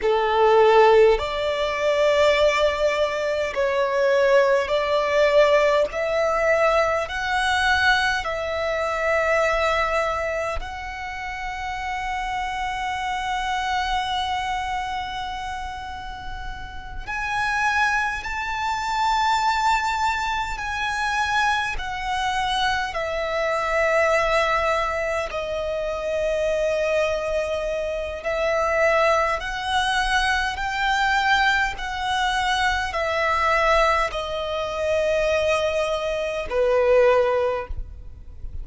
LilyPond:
\new Staff \with { instrumentName = "violin" } { \time 4/4 \tempo 4 = 51 a'4 d''2 cis''4 | d''4 e''4 fis''4 e''4~ | e''4 fis''2.~ | fis''2~ fis''8 gis''4 a''8~ |
a''4. gis''4 fis''4 e''8~ | e''4. dis''2~ dis''8 | e''4 fis''4 g''4 fis''4 | e''4 dis''2 b'4 | }